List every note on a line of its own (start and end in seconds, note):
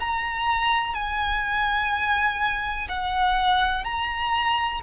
0.00 0.95 A#5
0.95 2.88 G#5
2.89 3.84 F#5
3.84 4.81 A#5